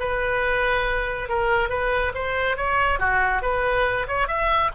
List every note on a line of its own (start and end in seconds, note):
0.00 1.29 B4
1.29 1.70 A#4
1.70 2.13 B4
2.15 2.57 C5
2.57 3.00 C#5
3.00 3.43 F#4
3.43 4.07 B4
4.08 4.28 C#5
4.28 4.71 E5